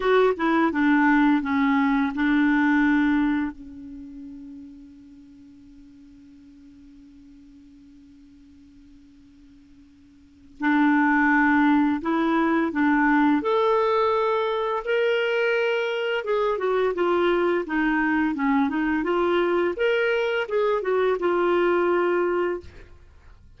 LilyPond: \new Staff \with { instrumentName = "clarinet" } { \time 4/4 \tempo 4 = 85 fis'8 e'8 d'4 cis'4 d'4~ | d'4 cis'2.~ | cis'1~ | cis'2. d'4~ |
d'4 e'4 d'4 a'4~ | a'4 ais'2 gis'8 fis'8 | f'4 dis'4 cis'8 dis'8 f'4 | ais'4 gis'8 fis'8 f'2 | }